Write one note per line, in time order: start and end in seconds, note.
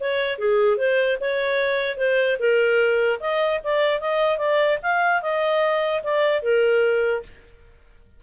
0.00 0.38 C#5
0.38 0.77 G#4
0.77 1.18 C5
1.20 1.97 C#5
1.97 2.38 C5
2.39 3.20 A#4
3.20 3.60 D#5
3.64 4.00 D5
4.00 4.38 D#5
4.38 4.78 D5
4.82 5.22 F5
5.22 6.03 D#5
6.03 6.42 D5
6.42 7.23 A#4